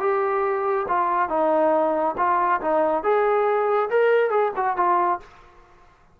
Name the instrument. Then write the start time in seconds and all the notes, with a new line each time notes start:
trombone
0.00 G4
0.88 F4
1.29 D#4
2.18 F4
2.61 D#4
3.03 G#4
3.90 A#4
4.30 G#4
4.56 F#4
4.77 F4